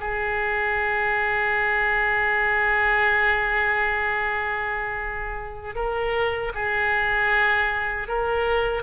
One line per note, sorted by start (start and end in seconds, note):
0.00 5.75 G#4
5.75 6.52 A#4
6.55 8.08 G#4
8.08 8.83 A#4